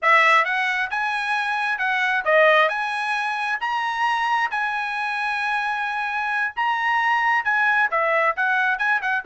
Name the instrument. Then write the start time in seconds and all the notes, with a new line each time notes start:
trumpet
0.01 E5
0.44 F#5
0.90 G#5
1.78 F#5
2.24 D#5
2.68 G#5
3.60 A#5
4.51 G#5
6.56 A#5
7.44 G#5
7.90 E5
8.36 F#5
8.78 G#5
9.01 F#5